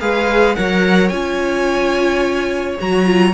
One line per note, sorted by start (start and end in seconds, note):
0.00 0.56 G#3
0.00 0.56 G#4
0.00 0.56 B4
0.00 0.55 F5
0.55 1.10 F#3
0.55 1.11 A#4
0.55 3.33 C#5
0.55 1.08 F#5
1.08 2.77 C#4
1.08 2.78 F4
1.08 2.75 G#5
2.79 3.33 F#3
2.79 3.04 F#4
2.79 3.33 A#5
3.04 3.32 F4